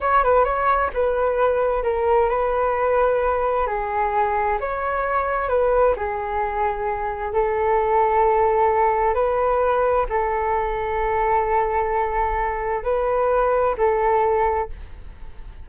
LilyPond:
\new Staff \with { instrumentName = "flute" } { \time 4/4 \tempo 4 = 131 cis''8 b'8 cis''4 b'2 | ais'4 b'2. | gis'2 cis''2 | b'4 gis'2. |
a'1 | b'2 a'2~ | a'1 | b'2 a'2 | }